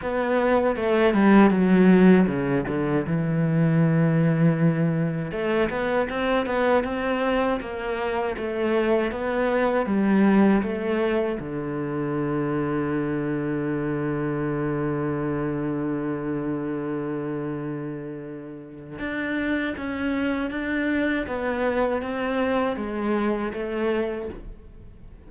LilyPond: \new Staff \with { instrumentName = "cello" } { \time 4/4 \tempo 4 = 79 b4 a8 g8 fis4 cis8 d8 | e2. a8 b8 | c'8 b8 c'4 ais4 a4 | b4 g4 a4 d4~ |
d1~ | d1~ | d4 d'4 cis'4 d'4 | b4 c'4 gis4 a4 | }